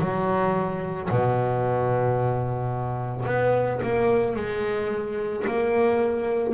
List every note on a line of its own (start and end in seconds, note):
0.00 1.09 F#3
1.10 3.26 B2
3.26 3.80 B3
3.83 4.36 A#3
4.36 5.45 G#3
5.47 6.54 A#3